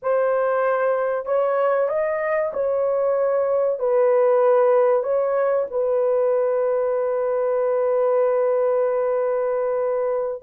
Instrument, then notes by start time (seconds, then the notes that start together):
horn
0.02 C5
1.25 C#5
1.89 D#5
2.53 C#5
3.79 B4
5.03 C#5
5.70 B4